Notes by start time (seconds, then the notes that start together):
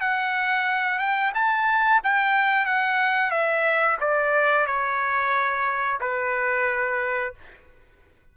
0.00 F#5
0.98 G5
1.34 A5
2.03 G5
2.65 F#5
3.30 E5
4.00 D5
4.66 C#5
6.00 B4